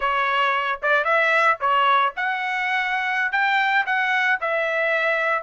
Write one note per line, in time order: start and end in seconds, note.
0.00 0.80 C#5
0.82 1.04 D5
1.04 1.57 E5
1.60 2.13 C#5
2.16 3.32 F#5
3.32 3.85 G5
3.86 4.39 F#5
4.40 5.43 E5